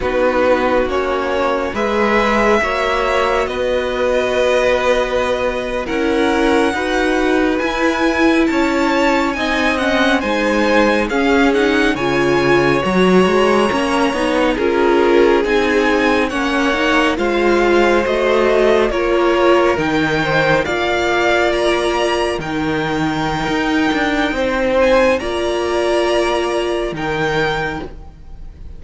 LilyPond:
<<
  \new Staff \with { instrumentName = "violin" } { \time 4/4 \tempo 4 = 69 b'4 cis''4 e''2 | dis''2~ dis''8. fis''4~ fis''16~ | fis''8. gis''4 a''4 gis''8 fis''8 gis''16~ | gis''8. f''8 fis''8 gis''4 ais''4~ ais''16~ |
ais''8. ais'4 gis''4 fis''4 f''16~ | f''8. dis''4 cis''4 g''4 f''16~ | f''8. ais''4 g''2~ g''16~ | g''8 gis''8 ais''2 g''4 | }
  \new Staff \with { instrumentName = "violin" } { \time 4/4 fis'2 b'4 cis''4 | b'2~ b'8. ais'4 b'16~ | b'4.~ b'16 cis''4 dis''4 c''16~ | c''8. gis'4 cis''2~ cis''16~ |
cis''8. gis'2 cis''4 c''16~ | c''4.~ c''16 ais'4. c''8 d''16~ | d''4.~ d''16 ais'2~ ais'16 | c''4 d''2 ais'4 | }
  \new Staff \with { instrumentName = "viola" } { \time 4/4 dis'4 cis'4 gis'4 fis'4~ | fis'2~ fis'8. e'4 fis'16~ | fis'8. e'2 dis'8 cis'8 dis'16~ | dis'8. cis'8 dis'8 f'4 fis'4 cis'16~ |
cis'16 dis'8 f'4 dis'4 cis'8 dis'8 f'16~ | f'8. fis'4 f'4 dis'4 f'16~ | f'4.~ f'16 dis'2~ dis'16~ | dis'4 f'2 dis'4 | }
  \new Staff \with { instrumentName = "cello" } { \time 4/4 b4 ais4 gis4 ais4 | b2~ b8. cis'4 dis'16~ | dis'8. e'4 cis'4 c'4 gis16~ | gis8. cis'4 cis4 fis8 gis8 ais16~ |
ais16 b8 cis'4 c'4 ais4 gis16~ | gis8. a4 ais4 dis4 ais16~ | ais4.~ ais16 dis4~ dis16 dis'8 d'8 | c'4 ais2 dis4 | }
>>